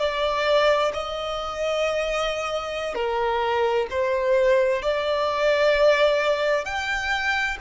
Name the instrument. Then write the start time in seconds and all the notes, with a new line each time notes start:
violin
0.00 D5
0.94 D#5
2.95 A#4
3.91 C5
4.83 D5
6.65 G5